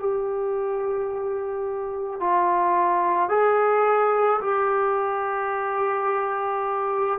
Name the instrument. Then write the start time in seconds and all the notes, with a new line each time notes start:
trombone
0.00 G4
2.21 F4
3.29 G#4
4.41 G4